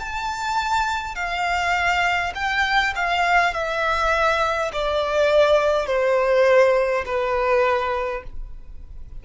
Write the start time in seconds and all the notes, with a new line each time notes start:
0.00 A5
1.16 F5
2.35 G5
2.96 F5
3.54 E5
4.73 D5
5.87 C5
7.06 B4